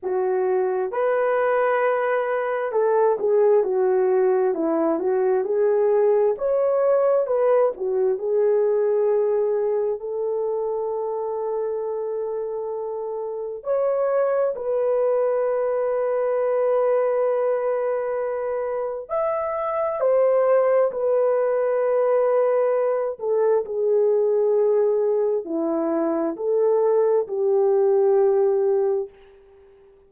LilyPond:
\new Staff \with { instrumentName = "horn" } { \time 4/4 \tempo 4 = 66 fis'4 b'2 a'8 gis'8 | fis'4 e'8 fis'8 gis'4 cis''4 | b'8 fis'8 gis'2 a'4~ | a'2. cis''4 |
b'1~ | b'4 e''4 c''4 b'4~ | b'4. a'8 gis'2 | e'4 a'4 g'2 | }